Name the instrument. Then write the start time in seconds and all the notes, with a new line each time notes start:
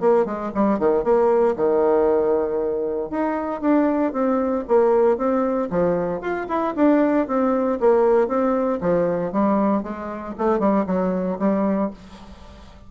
bassoon
0.00 A#3
0.25 G#3
0.54 G3
0.79 D#3
1.03 A#3
1.56 D#3
3.10 D#4
3.61 D4
4.12 C4
4.67 A#3
5.17 C4
5.70 F3
6.20 F4
6.48 E4
6.75 D4
7.27 C4
7.80 A#3
8.27 C4
8.80 F3
9.32 G3
9.83 G#3
10.38 A3
10.59 G3
10.86 F#3
11.39 G3